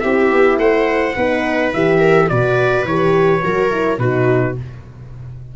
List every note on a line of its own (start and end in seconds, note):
0.00 0.32 C4
0.00 1.14 E4
0.00 0.59 G4
0.00 0.57 E5
0.32 0.57 B3
0.57 1.14 A3
0.57 1.15 C5
0.57 1.72 F#5
1.15 1.73 B3
1.15 1.73 D#4
1.15 1.98 B4
1.73 2.30 E3
1.73 2.29 G4
1.73 2.28 E5
1.98 2.27 A#4
2.28 2.84 B2
2.28 2.86 F#4
2.28 3.44 B4
2.28 2.85 D5
2.84 3.41 E3
2.84 3.41 G4
2.84 3.99 C#5
3.41 3.98 F#3
3.41 3.69 F#4
3.41 3.99 A#4
3.70 3.99 E4
3.98 4.54 B2
3.98 4.56 D#4
3.98 4.56 F#4
3.98 4.55 B4